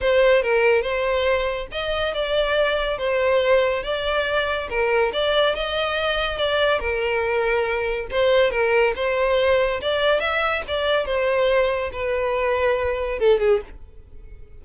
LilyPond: \new Staff \with { instrumentName = "violin" } { \time 4/4 \tempo 4 = 141 c''4 ais'4 c''2 | dis''4 d''2 c''4~ | c''4 d''2 ais'4 | d''4 dis''2 d''4 |
ais'2. c''4 | ais'4 c''2 d''4 | e''4 d''4 c''2 | b'2. a'8 gis'8 | }